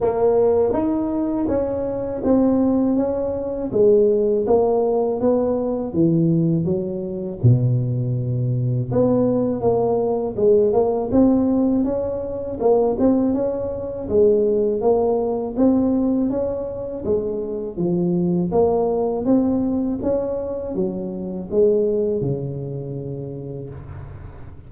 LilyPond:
\new Staff \with { instrumentName = "tuba" } { \time 4/4 \tempo 4 = 81 ais4 dis'4 cis'4 c'4 | cis'4 gis4 ais4 b4 | e4 fis4 b,2 | b4 ais4 gis8 ais8 c'4 |
cis'4 ais8 c'8 cis'4 gis4 | ais4 c'4 cis'4 gis4 | f4 ais4 c'4 cis'4 | fis4 gis4 cis2 | }